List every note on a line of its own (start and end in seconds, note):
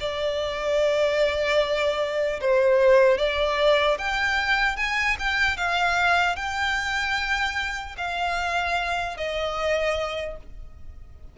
0.00 2.40 D5
2.40 3.18 C5
3.18 3.98 D5
3.98 4.77 G5
4.77 5.17 G#5
5.19 5.57 G5
5.57 6.36 F5
6.36 7.96 G5
7.97 9.17 F5
9.17 10.37 D#5